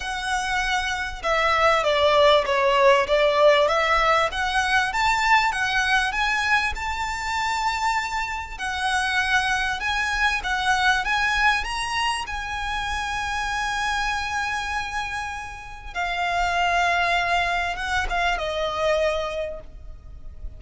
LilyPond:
\new Staff \with { instrumentName = "violin" } { \time 4/4 \tempo 4 = 98 fis''2 e''4 d''4 | cis''4 d''4 e''4 fis''4 | a''4 fis''4 gis''4 a''4~ | a''2 fis''2 |
gis''4 fis''4 gis''4 ais''4 | gis''1~ | gis''2 f''2~ | f''4 fis''8 f''8 dis''2 | }